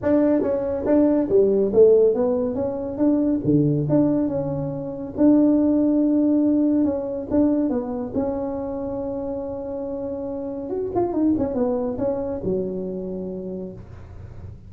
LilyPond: \new Staff \with { instrumentName = "tuba" } { \time 4/4 \tempo 4 = 140 d'4 cis'4 d'4 g4 | a4 b4 cis'4 d'4 | d4 d'4 cis'2 | d'1 |
cis'4 d'4 b4 cis'4~ | cis'1~ | cis'4 fis'8 f'8 dis'8 cis'8 b4 | cis'4 fis2. | }